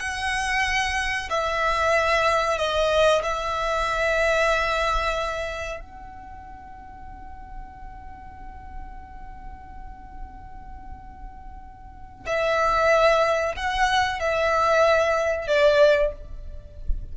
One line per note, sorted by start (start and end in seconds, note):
0.00 1.29 F#5
1.30 2.58 E5
2.58 3.22 D#5
3.23 5.80 E5
5.80 12.26 F#5
12.26 13.55 E5
13.56 14.20 F#5
14.20 15.48 E5
15.48 16.12 D5